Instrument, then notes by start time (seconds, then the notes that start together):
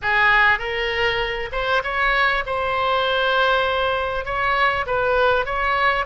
oboe
0.02 G#4
0.58 A#4
1.52 C5
1.83 C#5
2.45 C5
4.25 C#5
4.86 B4
5.45 C#5